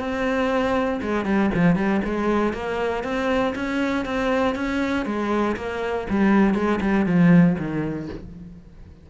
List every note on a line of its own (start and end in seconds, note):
0.00 1.01 C4
1.02 1.25 G#3
1.25 1.51 G3
1.54 1.76 F3
1.76 2.01 G3
2.05 2.53 G#3
2.53 3.04 A#3
3.04 3.54 C4
3.55 4.06 C#4
4.06 4.55 C4
4.55 5.06 C#4
5.06 5.56 G#3
5.57 6.07 A#3
6.10 6.55 G3
6.55 6.80 G#3
6.81 7.06 G3
7.06 7.57 F3
7.59 8.09 D#3